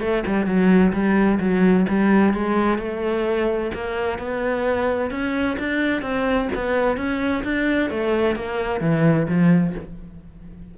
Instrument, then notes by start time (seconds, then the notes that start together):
cello
0.00 A3
0.26 G3
0.46 F#3
0.92 G3
1.40 F#3
1.88 G3
2.33 G#3
2.78 A3
3.74 A#3
4.19 B3
5.11 C#4
5.59 D4
6.02 C4
6.55 B3
6.97 C#4
7.44 D4
7.90 A3
8.36 A#3
8.80 E3
9.28 F3